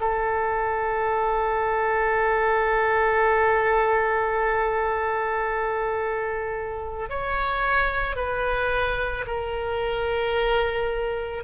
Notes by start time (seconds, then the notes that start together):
0.00 A4
7.09 C#5
8.16 B4
9.26 A#4